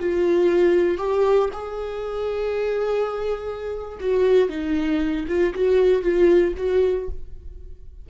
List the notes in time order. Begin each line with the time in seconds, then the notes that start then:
0.00 F4
0.98 G4
1.53 G#4
4.00 F#4
4.49 D#4
5.28 F4
5.54 F#4
6.02 F4
6.57 F#4